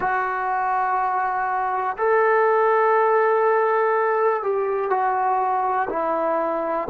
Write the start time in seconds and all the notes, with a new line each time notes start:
0.00 F#4
1.97 A4
4.43 G4
4.90 F#4
5.89 E4